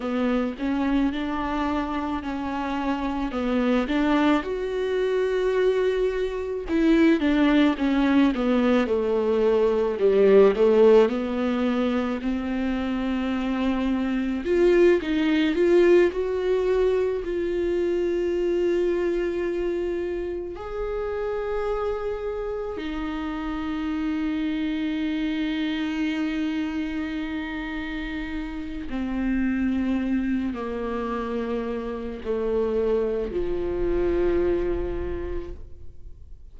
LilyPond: \new Staff \with { instrumentName = "viola" } { \time 4/4 \tempo 4 = 54 b8 cis'8 d'4 cis'4 b8 d'8 | fis'2 e'8 d'8 cis'8 b8 | a4 g8 a8 b4 c'4~ | c'4 f'8 dis'8 f'8 fis'4 f'8~ |
f'2~ f'8 gis'4.~ | gis'8 dis'2.~ dis'8~ | dis'2 c'4. ais8~ | ais4 a4 f2 | }